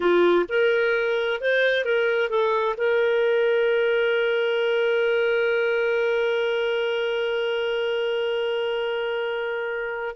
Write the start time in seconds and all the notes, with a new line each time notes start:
0.00 F4
0.48 A#4
1.41 C5
1.84 A#4
2.29 A4
2.77 A#4